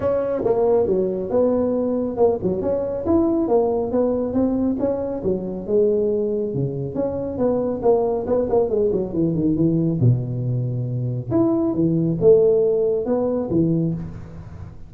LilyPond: \new Staff \with { instrumentName = "tuba" } { \time 4/4 \tempo 4 = 138 cis'4 ais4 fis4 b4~ | b4 ais8 fis8 cis'4 e'4 | ais4 b4 c'4 cis'4 | fis4 gis2 cis4 |
cis'4 b4 ais4 b8 ais8 | gis8 fis8 e8 dis8 e4 b,4~ | b,2 e'4 e4 | a2 b4 e4 | }